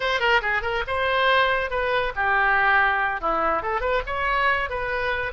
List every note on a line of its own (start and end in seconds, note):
0.00 0.19 C5
0.19 0.41 A#4
0.41 0.62 G#4
0.62 0.83 A#4
0.87 1.70 C5
1.70 2.13 B4
2.15 3.20 G4
3.20 3.62 E4
3.62 3.80 A4
3.80 4.02 B4
4.06 4.69 C#5
4.69 5.32 B4